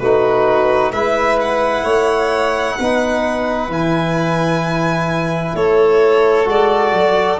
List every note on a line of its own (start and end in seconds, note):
0.00 0.93 A3
0.00 0.94 D#4
0.00 0.93 F#4
0.00 0.92 B4
0.93 1.84 G#3
0.93 2.79 E4
0.93 1.85 B4
0.93 1.39 E5
1.41 3.72 F#5
1.84 2.76 A3
1.84 2.77 C#5
2.79 3.69 B3
2.79 3.70 D#4
2.79 5.57 B4
3.69 5.53 E3
3.69 6.45 E4
3.69 5.56 G#5
5.55 6.47 A3
5.55 7.40 A4
5.55 6.48 C#5
6.45 6.93 G#3
6.45 7.38 F#4
6.45 7.40 D5
6.93 7.39 F#3